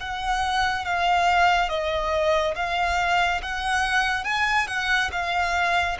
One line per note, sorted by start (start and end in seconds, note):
0.00 0.85 F#5
0.85 1.69 F5
1.69 2.54 D#5
2.55 3.41 F5
3.42 4.24 F#5
4.24 4.67 G#5
4.68 5.10 F#5
5.12 5.97 F5